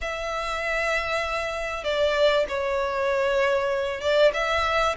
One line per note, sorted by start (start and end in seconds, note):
0.01 1.84 E5
1.84 2.45 D5
2.48 4.00 C#5
4.00 4.32 D5
4.33 4.95 E5